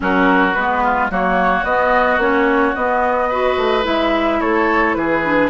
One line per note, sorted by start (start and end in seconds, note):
0.00 0.55 F#3
0.00 0.51 C#4
0.00 0.83 F#4
0.00 0.53 A#4
0.53 1.10 G#3
0.53 1.10 B3
0.53 1.08 B4
0.83 1.11 F4
1.10 1.63 F#3
1.10 1.65 A#3
1.10 3.28 F#4
1.10 1.64 C#5
1.63 2.17 B3
1.63 2.19 B3
1.63 2.19 D#5
2.17 2.72 A#3
2.17 2.75 C#4
2.17 2.75 C#5
2.75 3.31 B3
2.75 3.57 B3
2.75 3.85 D#5
3.28 3.82 F#4
3.28 4.39 B4
3.57 3.85 A3
3.82 4.40 G#3
3.82 5.20 E4
3.82 4.40 E5
4.40 4.95 A3
4.40 4.96 A4
4.40 4.94 C#5
4.94 5.49 E3
4.94 5.49 G#4
4.94 5.49 B4
5.24 5.49 D4